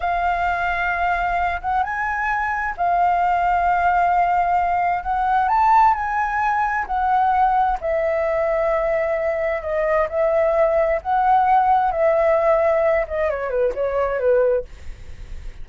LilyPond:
\new Staff \with { instrumentName = "flute" } { \time 4/4 \tempo 4 = 131 f''2.~ f''8 fis''8 | gis''2 f''2~ | f''2. fis''4 | a''4 gis''2 fis''4~ |
fis''4 e''2.~ | e''4 dis''4 e''2 | fis''2 e''2~ | e''8 dis''8 cis''8 b'8 cis''4 b'4 | }